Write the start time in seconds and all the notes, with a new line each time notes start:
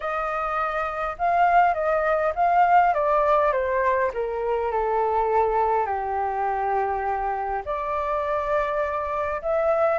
0.00 D#5
1.18 F5
1.74 D#5
2.35 F5
2.94 D5
3.52 C5
4.13 A#4
4.71 A4
5.86 G4
7.65 D5
9.42 E5